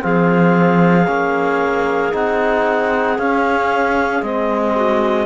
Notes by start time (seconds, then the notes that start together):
0.00 F3 C4 G#4 F5
1.07 A#3 C#4
2.12 C4 D#4 F#5
3.19 C#4 F5
4.23 G#3 C4 D#5
4.76 F#4